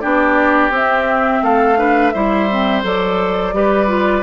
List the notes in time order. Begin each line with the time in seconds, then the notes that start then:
0.00 B3 D4 G4 D5
0.70 C4 E5
1.42 A3 A4 F5
1.77 D4 B4
2.10 G3 E4 C5 E5
2.49 C4
2.83 F#3 A4 D5
3.53 G3 G4 B4
3.87 F4